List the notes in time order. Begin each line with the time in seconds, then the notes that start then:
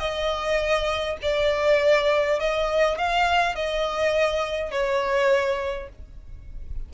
0.00 D#5
1.22 D5
2.40 D#5
2.99 F5
3.56 D#5
4.72 C#5